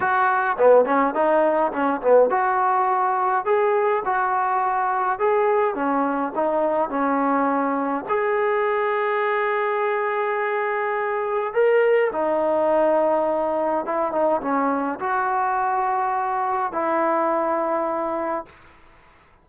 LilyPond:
\new Staff \with { instrumentName = "trombone" } { \time 4/4 \tempo 4 = 104 fis'4 b8 cis'8 dis'4 cis'8 b8 | fis'2 gis'4 fis'4~ | fis'4 gis'4 cis'4 dis'4 | cis'2 gis'2~ |
gis'1 | ais'4 dis'2. | e'8 dis'8 cis'4 fis'2~ | fis'4 e'2. | }